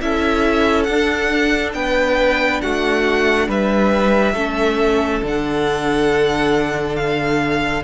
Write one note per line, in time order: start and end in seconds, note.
0.00 0.88 C#4
0.00 0.87 E4
0.00 1.76 A4
0.00 0.83 E5
0.83 1.74 D4
0.83 1.70 F#5
0.90 4.36 D4
1.74 2.61 B3
1.74 2.63 B4
1.74 2.61 G5
2.61 3.48 A3
2.61 3.48 F#4
2.61 3.48 F#5
3.48 4.34 G3
3.48 4.34 B4
3.48 5.24 E5
4.34 5.21 A3
4.34 5.22 C#4
4.34 7.82 A4
5.22 7.84 D3
5.22 7.83 D4
5.22 6.96 F#5
6.96 7.83 F5